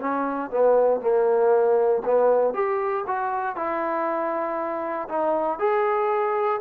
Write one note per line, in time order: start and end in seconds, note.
0.00 0.51 C#4
0.51 1.01 B3
1.01 2.03 A#3
2.05 2.54 B3
2.54 3.05 G4
3.07 3.56 F#4
3.56 5.09 E4
5.09 5.60 D#4
5.60 6.61 G#4